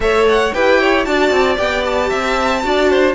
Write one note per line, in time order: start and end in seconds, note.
0.00 0.51 A3
0.00 0.51 A4
0.00 0.54 C#5
0.00 0.27 E5
0.28 0.53 F#5
0.53 1.06 E4
0.53 1.05 G4
0.53 0.80 B4
0.53 1.04 G5
0.80 1.06 C#5
1.04 1.31 D4
1.04 1.56 F#4
1.04 2.09 D5
1.04 1.57 A5
1.31 1.57 C4
1.56 2.11 B3
1.56 2.61 G4
1.56 1.83 G5
1.85 3.15 A5
2.09 2.64 C4
2.09 2.61 E5
2.62 3.15 D4
2.62 3.15 F#4
2.62 2.89 D5
2.89 3.15 C5